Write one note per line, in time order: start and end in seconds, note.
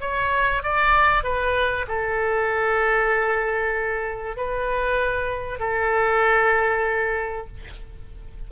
0.00 0.62 C#5
0.63 1.23 D5
1.23 1.86 B4
1.88 4.36 A4
4.36 5.59 B4
5.59 7.47 A4